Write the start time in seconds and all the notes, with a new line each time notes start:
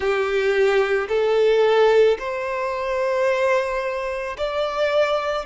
0.00 G4
1.08 A4
2.18 C5
4.37 D5